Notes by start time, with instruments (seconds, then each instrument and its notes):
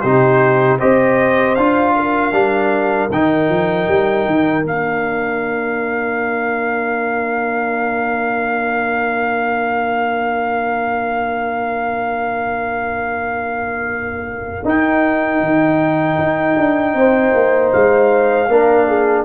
0.00 tuba C3, trombone D#4, horn G4, trumpet C5
0.79 tuba C4, trombone G4, horn C5, trumpet D#5
1.55 tuba D4, trombone F4, trumpet F5
1.95 horn A#4
2.32 tuba G3, trombone D4
3.10 tuba D#3, trombone D#4, trumpet G5
3.49 tuba F3
3.88 tuba G3
4.25 tuba D#3
4.62 tuba A#3, trombone D4, trumpet F5
14.64 tuba D#4, trombone D#4, trumpet G5
15.40 tuba D#3
16.18 tuba D#4
16.57 tuba D4
16.94 tuba C4, horn C5
17.34 tuba A#3
17.72 tuba G#3, trumpet F5
18.48 tuba A#3, trombone D4, horn A#4
18.88 horn G#4